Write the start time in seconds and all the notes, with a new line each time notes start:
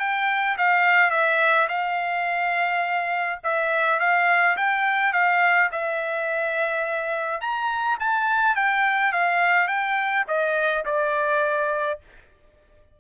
0.00 G5
0.58 F5
1.11 E5
1.69 F5
3.44 E5
4.00 F5
4.57 G5
5.13 F5
5.72 E5
7.41 A#5
8.00 A5
8.56 G5
9.13 F5
9.68 G5
10.28 D#5
10.86 D5